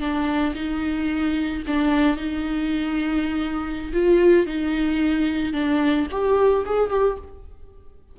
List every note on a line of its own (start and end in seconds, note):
0.00 0.54 D4
0.55 1.63 D#4
1.67 2.17 D4
2.17 3.92 D#4
3.93 4.46 F4
4.46 5.53 D#4
5.53 6.07 D4
6.11 6.65 G4
6.66 6.90 G#4
6.90 7.17 G4